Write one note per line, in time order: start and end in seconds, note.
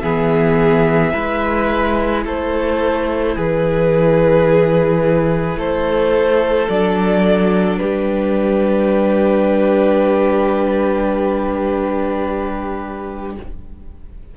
0.00 1.13 E3
0.00 1.13 B3
0.00 1.13 G#4
0.00 2.22 E5
1.13 2.25 G#3
1.13 6.69 E4
1.13 2.24 B4
2.25 3.36 A3
2.25 3.36 A4
2.25 3.37 C5
3.36 5.56 E3
3.36 5.58 G#4
3.36 5.59 B4
5.56 6.67 A3
5.56 7.80 A4
5.56 6.69 C5
6.69 7.81 F#3
6.69 13.37 D4
6.69 7.78 D5
7.78 13.37 G3
7.78 13.37 G4
7.78 13.34 B4